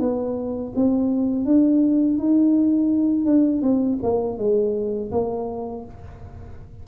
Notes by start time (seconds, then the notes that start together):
0.00 B3
0.76 C4
1.45 D4
2.19 D#4
3.26 D4
3.63 C4
4.03 A#3
4.38 G#3
5.12 A#3